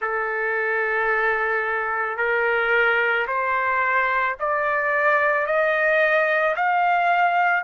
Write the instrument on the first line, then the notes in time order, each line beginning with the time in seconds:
trumpet
0.00 A4
2.17 A#4
3.27 C5
4.39 D5
5.46 D#5
6.56 F5